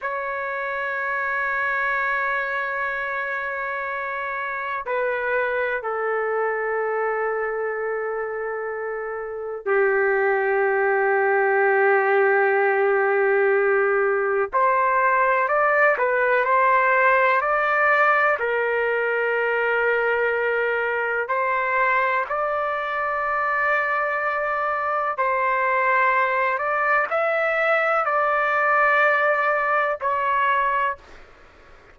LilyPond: \new Staff \with { instrumentName = "trumpet" } { \time 4/4 \tempo 4 = 62 cis''1~ | cis''4 b'4 a'2~ | a'2 g'2~ | g'2. c''4 |
d''8 b'8 c''4 d''4 ais'4~ | ais'2 c''4 d''4~ | d''2 c''4. d''8 | e''4 d''2 cis''4 | }